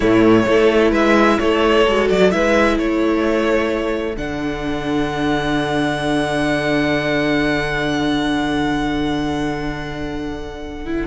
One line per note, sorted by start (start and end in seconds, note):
0.00 0.45 A2
0.00 0.46 A3
0.00 0.42 E4
0.00 0.92 C#5
0.45 0.91 A3
0.45 1.86 E4
0.45 0.91 A4
0.91 1.37 G#3
0.91 1.37 B4
0.91 1.38 E5
1.38 1.86 A3
1.38 2.33 A4
1.38 2.07 C#5
1.86 2.10 G#3
1.86 2.31 F#4
2.09 2.33 F#3
2.09 2.31 D5
2.31 2.78 G#3
2.31 4.15 E4
2.31 2.79 B4
2.31 2.77 E5
2.78 4.17 A3
2.78 11.06 A4
2.78 4.16 C#5
4.16 11.06 D3
4.16 10.85 D4
4.16 11.06 F#5
10.85 11.06 E4